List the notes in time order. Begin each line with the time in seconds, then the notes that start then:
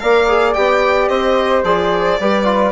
0.00 A#3 A#4 D5 F5
0.29 G#4
0.54 B3 G4 G5
1.09 C4 C5 D#5
1.64 F3 G#4 D5
2.20 G3 G4 B4
2.45 F4